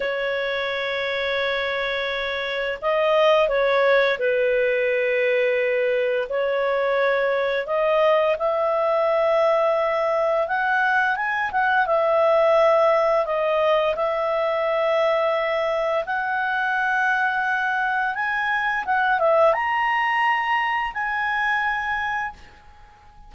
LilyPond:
\new Staff \with { instrumentName = "clarinet" } { \time 4/4 \tempo 4 = 86 cis''1 | dis''4 cis''4 b'2~ | b'4 cis''2 dis''4 | e''2. fis''4 |
gis''8 fis''8 e''2 dis''4 | e''2. fis''4~ | fis''2 gis''4 fis''8 e''8 | ais''2 gis''2 | }